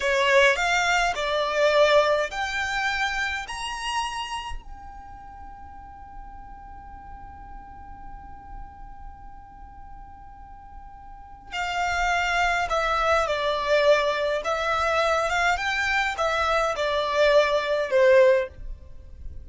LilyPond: \new Staff \with { instrumentName = "violin" } { \time 4/4 \tempo 4 = 104 cis''4 f''4 d''2 | g''2 ais''2 | g''1~ | g''1~ |
g''1 | f''2 e''4 d''4~ | d''4 e''4. f''8 g''4 | e''4 d''2 c''4 | }